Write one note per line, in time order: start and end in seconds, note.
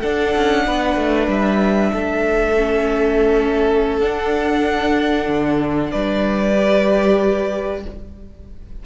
0.00 2.57 D4
0.00 0.35 D4
0.00 0.64 A4
0.00 1.29 F#5
0.36 0.67 C#4
0.67 0.96 B3
0.67 1.91 B4
0.96 1.28 A3
1.28 1.91 G3
1.28 4.00 E5
1.91 4.00 A3
1.91 5.90 A4
2.57 4.00 C#4
4.00 5.27 D4
4.00 6.55 D4
4.00 5.91 F#5
5.28 5.92 D3
5.91 7.86 G3
5.91 7.83 B4
5.91 7.83 D5
6.56 7.83 G4